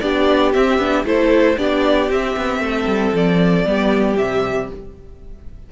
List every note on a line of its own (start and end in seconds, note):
0.00 0.54 B3
0.00 0.54 D4
0.00 1.06 G4
0.00 0.52 D5
0.53 0.78 C4
0.53 0.79 C4
0.53 1.05 E5
0.78 1.04 B3
0.78 1.05 D4
1.04 1.57 A3
1.04 1.57 E4
1.04 1.58 A4
1.04 1.58 C5
1.57 2.10 B3
1.57 2.09 D4
1.57 2.63 G4
1.57 2.10 D5
2.10 2.36 C4
2.10 3.66 C4
2.10 3.16 E5
2.37 2.59 B3
2.59 2.85 A3
2.59 3.67 A4
2.87 3.13 G3
3.13 3.65 F3
3.13 4.17 D5
3.65 4.17 G3
3.65 4.18 B3
3.65 4.72 G4
4.17 4.70 C3
4.17 4.72 G3
4.17 4.69 E5